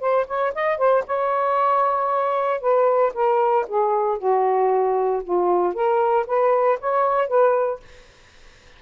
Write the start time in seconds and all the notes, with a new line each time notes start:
0.00 C5
0.27 C#5
0.54 D#5
0.78 C5
1.06 C#5
2.60 B4
3.14 A#4
3.68 G#4
4.18 F#4
5.23 F4
5.73 A#4
6.27 B4
6.80 C#5
7.28 B4